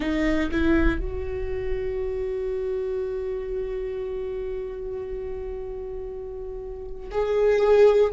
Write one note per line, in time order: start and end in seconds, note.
0.00 0.50 D#4
0.51 1.00 E4
1.00 7.10 F#4
7.11 8.13 G#4